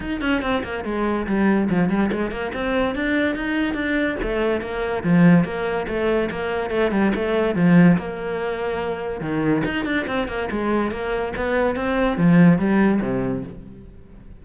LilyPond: \new Staff \with { instrumentName = "cello" } { \time 4/4 \tempo 4 = 143 dis'8 cis'8 c'8 ais8 gis4 g4 | f8 g8 gis8 ais8 c'4 d'4 | dis'4 d'4 a4 ais4 | f4 ais4 a4 ais4 |
a8 g8 a4 f4 ais4~ | ais2 dis4 dis'8 d'8 | c'8 ais8 gis4 ais4 b4 | c'4 f4 g4 c4 | }